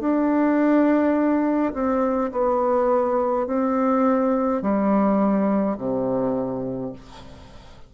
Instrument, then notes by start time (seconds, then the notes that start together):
bassoon
0.00 D4
1.73 C4
2.31 B3
3.46 C4
4.62 G3
5.77 C3